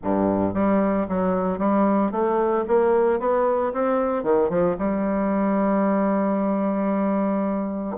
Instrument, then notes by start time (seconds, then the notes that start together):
bassoon
0.03 G2
0.54 G3
1.08 F#3
1.58 G3
2.11 A3
2.67 A#3
3.19 B3
3.73 C4
4.23 D#3
4.49 F3
4.78 G3